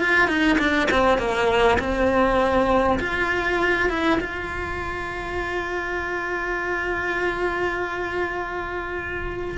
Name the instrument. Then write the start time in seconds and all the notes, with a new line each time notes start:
cello
0.00 F4
0.28 D#4
0.59 D4
0.91 C4
1.18 A#3
1.79 C4
2.99 F4
3.89 E4
4.20 F4